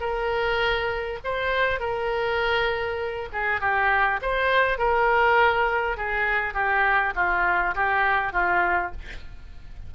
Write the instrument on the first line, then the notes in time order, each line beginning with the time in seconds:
oboe
0.00 A#4
1.24 C5
1.80 A#4
3.32 G#4
3.60 G4
4.22 C5
4.78 A#4
5.97 G#4
6.54 G4
7.15 F4
7.75 G4
8.32 F4